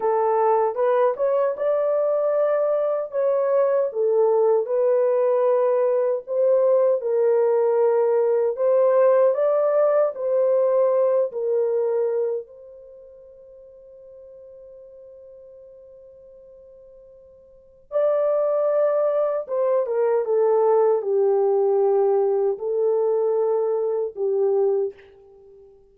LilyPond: \new Staff \with { instrumentName = "horn" } { \time 4/4 \tempo 4 = 77 a'4 b'8 cis''8 d''2 | cis''4 a'4 b'2 | c''4 ais'2 c''4 | d''4 c''4. ais'4. |
c''1~ | c''2. d''4~ | d''4 c''8 ais'8 a'4 g'4~ | g'4 a'2 g'4 | }